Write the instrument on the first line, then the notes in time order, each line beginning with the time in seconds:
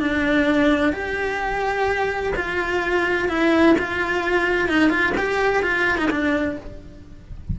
cello
0.00 D4
0.92 G4
2.36 F4
3.29 E4
3.78 F4
4.68 D#4
4.90 F4
5.17 G4
5.62 F4
5.98 D#4
6.10 D4